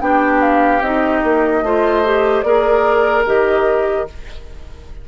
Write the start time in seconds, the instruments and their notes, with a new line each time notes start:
0.00 bassoon B3, clarinet D4, oboe G4, flute G5
0.41 flute F5
0.81 bassoon C4, clarinet D#4, flute D#5
1.23 bassoon A#3
1.62 bassoon A3, clarinet F4, oboe C5
2.05 clarinet G4
2.42 bassoon A#3, clarinet G#4, oboe A#4, flute D5
3.26 bassoon D#3, clarinet G4, flute D#5